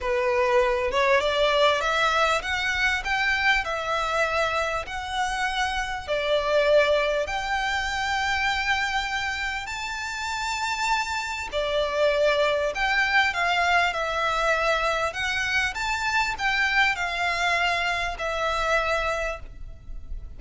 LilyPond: \new Staff \with { instrumentName = "violin" } { \time 4/4 \tempo 4 = 99 b'4. cis''8 d''4 e''4 | fis''4 g''4 e''2 | fis''2 d''2 | g''1 |
a''2. d''4~ | d''4 g''4 f''4 e''4~ | e''4 fis''4 a''4 g''4 | f''2 e''2 | }